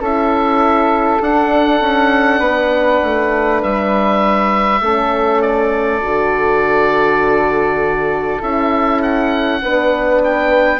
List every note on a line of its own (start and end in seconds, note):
0.00 1.20 C#4
0.00 1.23 E4
0.00 2.40 A4
0.00 1.23 E5
1.21 1.80 D4
1.21 4.83 D4
1.21 3.63 F#5
1.80 2.40 C#4
2.40 3.00 B3
2.40 4.79 B4
3.03 3.63 A3
3.63 4.81 G3
3.63 5.42 E5
4.81 6.01 A3
4.81 6.01 C#4
4.81 9.61 A4
5.42 8.42 D5
6.01 8.42 D3
6.01 8.40 F#4
8.40 9.62 C#4
8.40 9.61 E4
8.40 9.03 E5
9.03 10.22 F#5
9.61 10.79 B3
9.61 10.79 D4
9.61 10.79 B4
10.24 10.79 G5